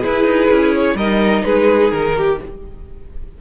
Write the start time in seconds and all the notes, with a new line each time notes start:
0.00 E4 G#4 B4
0.24 D#4
0.51 C#4
0.75 C#5
0.95 G3 D#4 A#4 D#5
1.44 G#3 G#4 B4
1.91 D#3 A#4
2.17 G4